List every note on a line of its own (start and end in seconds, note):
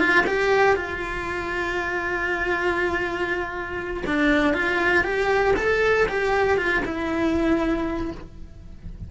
0.00 0.25 F4
0.27 0.76 G4
0.76 4.04 F4
4.07 4.54 D4
4.54 5.04 F4
5.04 5.55 G4
5.57 6.07 A4
6.08 6.58 G4
6.58 6.83 F4
6.85 8.11 E4